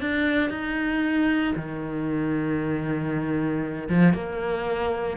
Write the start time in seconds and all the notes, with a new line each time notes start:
0.00 D4
0.50 D#4
1.56 D#3
3.89 F3
4.13 A#3